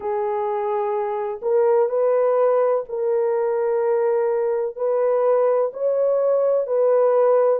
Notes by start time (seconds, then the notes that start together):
0.00 G#4
1.42 A#4
1.89 B4
2.88 A#4
4.76 B4
5.73 C#5
6.67 B4